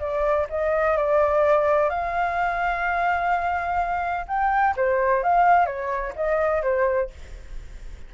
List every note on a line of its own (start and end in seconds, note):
0.00 0.47 D5
0.50 0.97 D#5
0.97 1.90 D5
1.90 4.26 F5
4.28 4.75 G5
4.77 5.23 C5
5.23 5.66 F5
5.66 6.13 C#5
6.16 6.63 D#5
6.63 7.10 C5